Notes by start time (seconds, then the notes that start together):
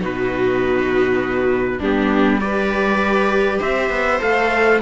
0.00 B2 D#4 F#4 B4
1.79 G3 B3 D4 G4
2.41 G4 B4 D5
3.60 C4 C5 E5
3.90 B3
4.20 A3 A4 F5